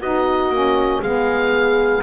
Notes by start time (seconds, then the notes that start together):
0.00 B3 D#4 F#4 D#5
0.50 A#3 C#4
1.00 G#3 B3 G#4 F5